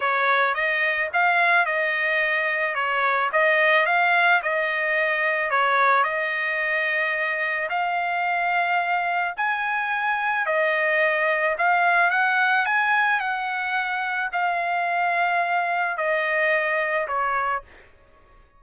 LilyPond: \new Staff \with { instrumentName = "trumpet" } { \time 4/4 \tempo 4 = 109 cis''4 dis''4 f''4 dis''4~ | dis''4 cis''4 dis''4 f''4 | dis''2 cis''4 dis''4~ | dis''2 f''2~ |
f''4 gis''2 dis''4~ | dis''4 f''4 fis''4 gis''4 | fis''2 f''2~ | f''4 dis''2 cis''4 | }